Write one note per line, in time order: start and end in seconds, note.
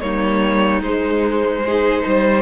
0.00 0.81 G3
0.00 0.82 A#3
0.00 1.65 D#4
0.00 0.81 C#5
0.81 2.02 G#3
0.81 1.66 G#3
0.81 2.42 C5
1.65 2.42 D#4
1.65 2.03 G#4
2.03 2.42 G3
2.03 2.42 C5